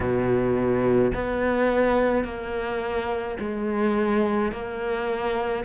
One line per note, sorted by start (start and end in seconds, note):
0.00 1.11 B2
1.14 2.24 B3
2.24 3.37 A#3
3.39 4.51 G#3
4.51 5.64 A#3